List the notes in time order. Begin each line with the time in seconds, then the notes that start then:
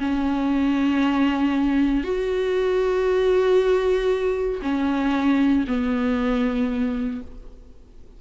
0.00 C#4
2.04 F#4
4.62 C#4
5.67 B3